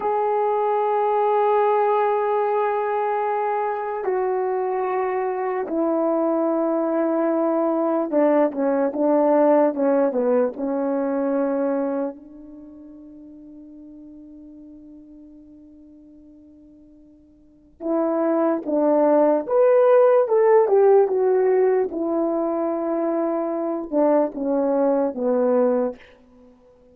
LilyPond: \new Staff \with { instrumentName = "horn" } { \time 4/4 \tempo 4 = 74 gis'1~ | gis'4 fis'2 e'4~ | e'2 d'8 cis'8 d'4 | cis'8 b8 cis'2 d'4~ |
d'1~ | d'2 e'4 d'4 | b'4 a'8 g'8 fis'4 e'4~ | e'4. d'8 cis'4 b4 | }